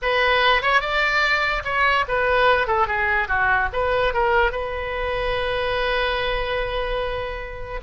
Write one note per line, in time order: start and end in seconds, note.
0.01 0.62 B4
0.62 0.80 C#5
0.80 1.63 D5
1.64 2.05 C#5
2.08 2.67 B4
2.67 2.87 A4
2.87 3.27 G#4
3.27 3.69 F#4
3.72 4.13 B4
4.13 4.51 A#4
4.51 7.80 B4